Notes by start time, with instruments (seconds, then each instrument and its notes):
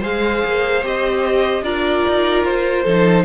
0.00 cello G#3, viola G#4, violin C5 F5
0.44 cello A#3
0.82 cello C4, viola G4, violin D#5
1.62 cello D4, viola F4, violin A#4 D5
2.07 cello D#4
2.44 cello F4, violin C5
2.83 cello F3, viola D#4, violin A4